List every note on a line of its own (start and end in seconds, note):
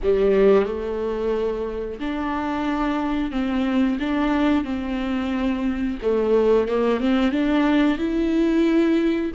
0.03 0.65 G3
0.65 1.98 A3
1.99 3.31 D4
3.31 3.98 C4
3.99 4.64 D4
4.64 5.98 C4
6.02 6.68 A3
6.68 7.00 A#3
7.00 7.31 C4
7.31 7.98 D4
7.98 9.31 E4